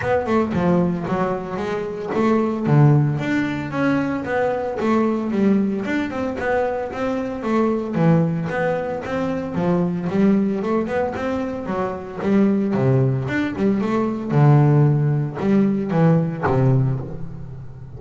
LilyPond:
\new Staff \with { instrumentName = "double bass" } { \time 4/4 \tempo 4 = 113 b8 a8 f4 fis4 gis4 | a4 d4 d'4 cis'4 | b4 a4 g4 d'8 c'8 | b4 c'4 a4 e4 |
b4 c'4 f4 g4 | a8 b8 c'4 fis4 g4 | c4 d'8 g8 a4 d4~ | d4 g4 e4 c4 | }